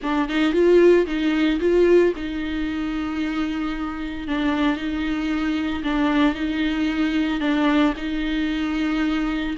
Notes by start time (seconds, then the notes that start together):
0.02 D4
0.28 D#4
0.52 F4
1.06 D#4
1.60 F4
2.16 D#4
4.27 D4
4.76 D#4
5.83 D4
6.34 D#4
7.40 D4
7.96 D#4